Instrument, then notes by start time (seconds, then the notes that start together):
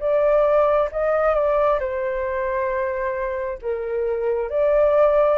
flute
0.00 D5
0.92 D#5
1.35 D5
1.80 C5
3.62 A#4
4.50 D5